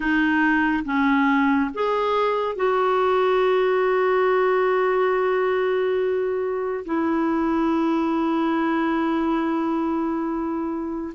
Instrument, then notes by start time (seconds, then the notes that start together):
clarinet
0.00 D#4
0.85 C#4
1.74 G#4
2.55 F#4
6.85 E4